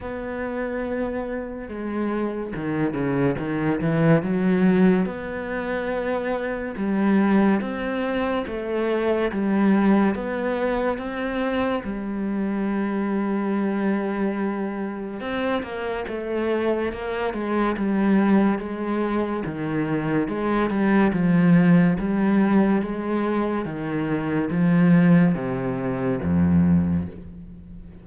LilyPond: \new Staff \with { instrumentName = "cello" } { \time 4/4 \tempo 4 = 71 b2 gis4 dis8 cis8 | dis8 e8 fis4 b2 | g4 c'4 a4 g4 | b4 c'4 g2~ |
g2 c'8 ais8 a4 | ais8 gis8 g4 gis4 dis4 | gis8 g8 f4 g4 gis4 | dis4 f4 c4 f,4 | }